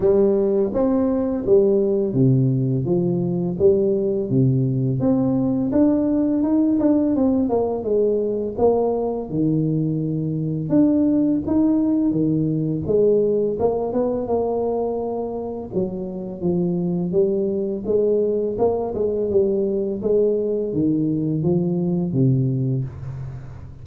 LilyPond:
\new Staff \with { instrumentName = "tuba" } { \time 4/4 \tempo 4 = 84 g4 c'4 g4 c4 | f4 g4 c4 c'4 | d'4 dis'8 d'8 c'8 ais8 gis4 | ais4 dis2 d'4 |
dis'4 dis4 gis4 ais8 b8 | ais2 fis4 f4 | g4 gis4 ais8 gis8 g4 | gis4 dis4 f4 c4 | }